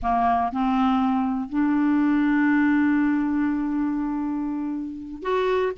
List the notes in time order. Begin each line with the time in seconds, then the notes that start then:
0.02 A#3
0.52 C4
1.49 D4
5.22 F#4